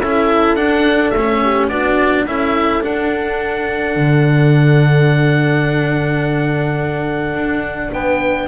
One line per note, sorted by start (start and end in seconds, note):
0.00 0.55 C#4
0.00 0.57 E4
0.00 1.42 A4
0.00 0.56 E5
0.55 1.12 D4
0.55 1.13 D4
0.55 1.10 F#5
1.10 1.69 A3
1.10 1.67 E5
1.17 1.71 C#4
1.43 1.70 G4
1.69 2.25 B3
1.69 2.27 D4
1.69 2.27 F#4
1.69 2.26 D5
2.26 2.83 C#4
2.26 2.81 E4
2.26 7.93 A4
2.26 2.84 E5
2.81 8.47 D4
2.81 3.96 D4
2.81 7.93 F#5
3.96 7.34 D3
7.34 7.91 D4
7.93 8.48 B3
7.93 8.48 B4
7.93 8.48 G5